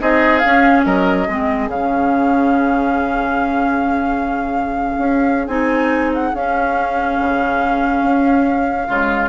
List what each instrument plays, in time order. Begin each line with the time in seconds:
0.00 bassoon C4, clarinet D#4, oboe G#4, flute D#5
0.39 bassoon C#4, flute F5
0.46 clarinet C#4
0.85 bassoon F#3, oboe A#4, flute D#5
1.28 bassoon G#3, clarinet C4, oboe G#4
1.68 bassoon C#3, clarinet C#4, flute F5
4.99 bassoon C#4
5.48 bassoon C4, clarinet D#4, flute G#5
6.15 flute F#5
6.34 bassoon C#4, clarinet C#4, flute F5
7.21 bassoon C#3
8.03 bassoon C#4
8.88 bassoon C#3, clarinet G#3, oboe F4